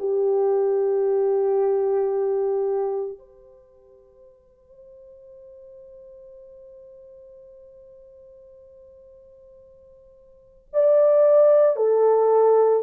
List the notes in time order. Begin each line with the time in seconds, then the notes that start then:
0.00 G4
3.19 C5
10.73 D5
11.77 A4